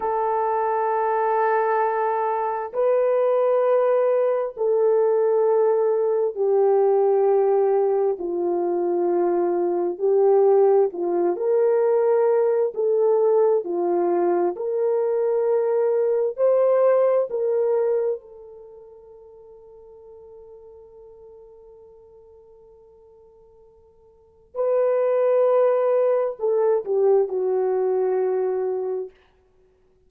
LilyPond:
\new Staff \with { instrumentName = "horn" } { \time 4/4 \tempo 4 = 66 a'2. b'4~ | b'4 a'2 g'4~ | g'4 f'2 g'4 | f'8 ais'4. a'4 f'4 |
ais'2 c''4 ais'4 | a'1~ | a'2. b'4~ | b'4 a'8 g'8 fis'2 | }